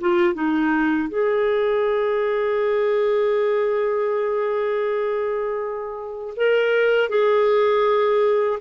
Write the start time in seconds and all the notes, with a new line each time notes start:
0.00 F4
0.34 D#4
1.09 G#4
6.36 A#4
7.09 G#4